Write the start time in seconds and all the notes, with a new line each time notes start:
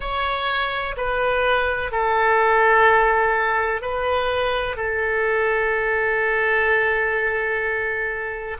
0.00 C#5
0.96 B4
1.91 A4
3.81 B4
4.76 A4